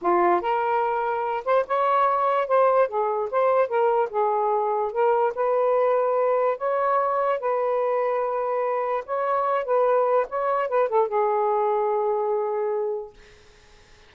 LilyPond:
\new Staff \with { instrumentName = "saxophone" } { \time 4/4 \tempo 4 = 146 f'4 ais'2~ ais'8 c''8 | cis''2 c''4 gis'4 | c''4 ais'4 gis'2 | ais'4 b'2. |
cis''2 b'2~ | b'2 cis''4. b'8~ | b'4 cis''4 b'8 a'8 gis'4~ | gis'1 | }